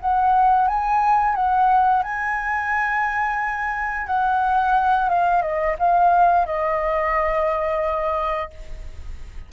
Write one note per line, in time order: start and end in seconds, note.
0.00 0.67 F#5
0.67 1.35 G#5
1.35 2.02 F#5
2.02 4.07 G#5
4.07 5.09 F#5
5.09 5.41 F5
5.41 5.76 D#5
5.78 6.45 F5
6.45 8.50 D#5